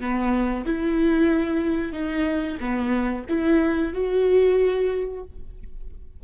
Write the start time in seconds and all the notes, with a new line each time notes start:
0.00 B3
0.66 E4
1.92 D#4
2.60 B3
3.28 E4
3.93 F#4